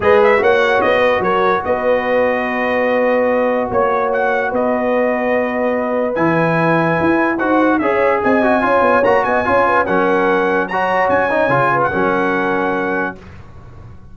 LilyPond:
<<
  \new Staff \with { instrumentName = "trumpet" } { \time 4/4 \tempo 4 = 146 dis''8 e''8 fis''4 dis''4 cis''4 | dis''1~ | dis''4 cis''4 fis''4 dis''4~ | dis''2. gis''4~ |
gis''2 fis''4 e''4 | gis''2 ais''8 gis''4. | fis''2 ais''4 gis''4~ | gis''8. fis''2.~ fis''16 | }
  \new Staff \with { instrumentName = "horn" } { \time 4/4 b'4 cis''4. b'8 ais'4 | b'1~ | b'4 cis''2 b'4~ | b'1~ |
b'2 c''4 cis''4 | dis''4 cis''4. dis''8 cis''8 b'8 | ais'2 cis''2~ | cis''8 b'8 ais'2. | }
  \new Staff \with { instrumentName = "trombone" } { \time 4/4 gis'4 fis'2.~ | fis'1~ | fis'1~ | fis'2. e'4~ |
e'2 fis'4 gis'4~ | gis'8 fis'8 f'4 fis'4 f'4 | cis'2 fis'4. dis'8 | f'4 cis'2. | }
  \new Staff \with { instrumentName = "tuba" } { \time 4/4 gis4 ais4 b4 fis4 | b1~ | b4 ais2 b4~ | b2. e4~ |
e4 e'4 dis'4 cis'4 | c'4 cis'8 b8 ais8 b8 cis'4 | fis2. cis'4 | cis4 fis2. | }
>>